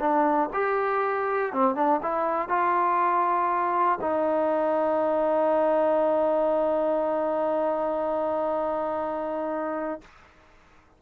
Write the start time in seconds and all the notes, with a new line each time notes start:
0.00 D4
0.53 G4
1.53 C4
1.76 D4
2.03 E4
2.50 F4
4.02 D#4